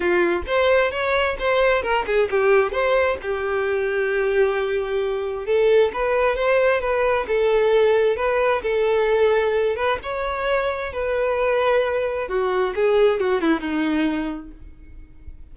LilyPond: \new Staff \with { instrumentName = "violin" } { \time 4/4 \tempo 4 = 132 f'4 c''4 cis''4 c''4 | ais'8 gis'8 g'4 c''4 g'4~ | g'1 | a'4 b'4 c''4 b'4 |
a'2 b'4 a'4~ | a'4. b'8 cis''2 | b'2. fis'4 | gis'4 fis'8 e'8 dis'2 | }